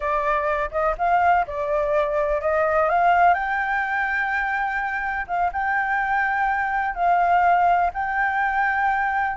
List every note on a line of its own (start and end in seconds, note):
0.00 0.69 D5
0.71 0.95 D#5
0.98 1.46 F5
1.46 2.41 D5
2.41 2.89 D#5
2.89 3.34 F5
3.34 5.26 G5
5.27 5.51 F5
5.52 6.94 G5
6.94 7.90 F5
7.93 9.36 G5